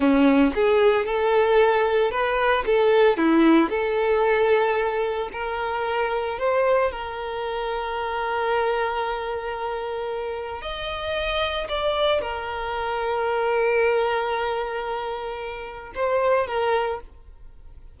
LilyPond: \new Staff \with { instrumentName = "violin" } { \time 4/4 \tempo 4 = 113 cis'4 gis'4 a'2 | b'4 a'4 e'4 a'4~ | a'2 ais'2 | c''4 ais'2.~ |
ais'1 | dis''2 d''4 ais'4~ | ais'1~ | ais'2 c''4 ais'4 | }